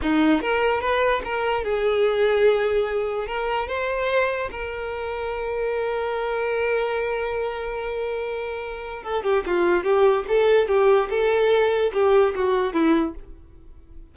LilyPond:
\new Staff \with { instrumentName = "violin" } { \time 4/4 \tempo 4 = 146 dis'4 ais'4 b'4 ais'4 | gis'1 | ais'4 c''2 ais'4~ | ais'1~ |
ais'1~ | ais'2 a'8 g'8 f'4 | g'4 a'4 g'4 a'4~ | a'4 g'4 fis'4 e'4 | }